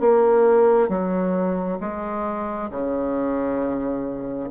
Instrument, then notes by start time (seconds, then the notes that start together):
bassoon
0.00 A#3
0.89 F#3
1.80 G#3
2.71 C#3